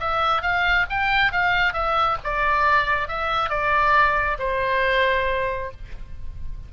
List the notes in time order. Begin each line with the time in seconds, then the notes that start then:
0.00 E5
0.42 F5
0.90 G5
1.32 F5
1.73 E5
2.24 D5
3.08 E5
3.50 D5
4.39 C5